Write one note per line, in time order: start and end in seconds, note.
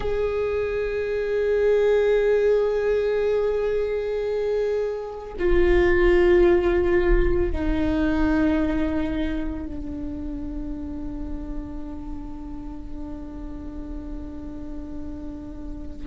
0.00 5.34 G#4
5.39 7.51 F4
7.51 9.65 D#4
9.65 16.06 D4